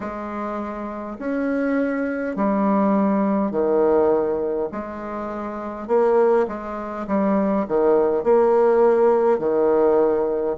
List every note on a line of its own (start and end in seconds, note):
0.00 1.17 G#3
1.18 2.36 C#4
2.36 3.51 G3
3.51 4.68 D#3
4.71 5.87 G#3
5.87 6.46 A#3
6.47 7.06 G#3
7.07 7.66 G3
7.67 8.23 D#3
8.23 9.39 A#3
9.39 10.56 D#3